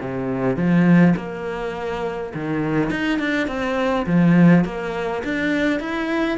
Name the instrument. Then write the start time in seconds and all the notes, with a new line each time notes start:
cello
0.00 C3
0.56 F3
1.16 A#3
2.34 D#3
2.90 D#4
3.19 D4
3.47 C4
4.06 F3
4.64 A#3
5.24 D4
5.80 E4